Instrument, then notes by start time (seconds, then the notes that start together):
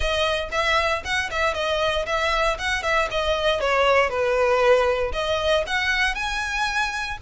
violin
0.00 D#5
0.51 E5
1.04 F#5
1.30 E5
1.54 D#5
2.06 E5
2.58 F#5
2.83 E5
3.10 D#5
3.60 C#5
4.09 B4
5.12 D#5
5.66 F#5
6.14 G#5